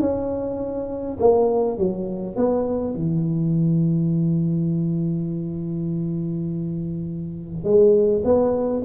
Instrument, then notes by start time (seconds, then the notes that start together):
tuba
0.00 C#4
1.20 A#3
1.78 F#3
2.36 B3
2.95 E3
7.64 G#3
8.24 B3